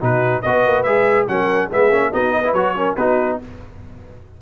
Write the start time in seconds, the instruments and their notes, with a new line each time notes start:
0.00 tuba B2, trombone D#4, horn F#4, trumpet B4
0.42 tuba B3, trombone F#4, horn B4, trumpet D#5
0.67 tuba A#3
0.84 tuba G#3, trombone G#4, trumpet E5
1.28 tuba F#3, trombone C#4, horn A#4, trumpet F#5
1.69 tuba G#3, trombone B3, horn G#4, trumpet E5
1.90 tuba A#3, trombone C#4
2.12 tuba B3, trombone D#4, horn F#4, trumpet D#5
2.34 horn B4
2.45 trombone E4
2.54 tuba F#3, trombone F#4, trumpet C#5
2.76 trombone C#4, horn A#4
2.97 tuba B3, trombone D#4, horn F#4, trumpet B4